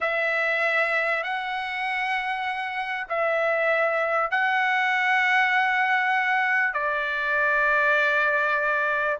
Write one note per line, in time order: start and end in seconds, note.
0.00 1.23 E5
1.23 3.06 F#5
3.08 4.30 E5
4.30 6.73 F#5
6.73 9.18 D5